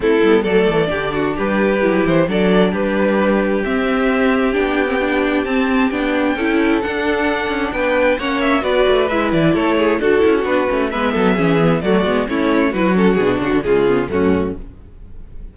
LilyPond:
<<
  \new Staff \with { instrumentName = "violin" } { \time 4/4 \tempo 4 = 132 a'4 d''2 b'4~ | b'8 c''8 d''4 b'2 | e''2 g''2 | a''4 g''2 fis''4~ |
fis''4 g''4 fis''8 e''8 d''4 | e''8 d''8 cis''4 a'4 b'4 | e''2 d''4 cis''4 | b'8 a'8 gis'8 fis'8 gis'4 fis'4 | }
  \new Staff \with { instrumentName = "violin" } { \time 4/4 e'4 a'4 g'8 fis'8 g'4~ | g'4 a'4 g'2~ | g'1~ | g'2 a'2~ |
a'4 b'4 cis''4 b'4~ | b'4 a'8 gis'8 fis'2 | b'8 a'8 gis'4 fis'4 e'4 | fis'2 f'4 cis'4 | }
  \new Staff \with { instrumentName = "viola" } { \time 4/4 c'8 b8 a4 d'2 | e'4 d'2. | c'2 d'8. c'16 d'4 | c'4 d'4 e'4 d'4~ |
d'2 cis'4 fis'4 | e'2 fis'8 e'8 d'8 cis'8 | b4 cis'8 b8 a8 b8 cis'4 | e'8 cis'8 d'4 gis8 b8 a4 | }
  \new Staff \with { instrumentName = "cello" } { \time 4/4 a8 g8 fis8 e8 d4 g4 | fis8 e8 fis4 g2 | c'2 b2 | c'4 b4 cis'4 d'4~ |
d'8 cis'8 b4 ais4 b8 a8 | gis8 e8 a4 d'8 cis'8 b8 a8 | gis8 fis8 e4 fis8 gis8 a4 | fis4 b,8 cis16 d16 cis4 fis,4 | }
>>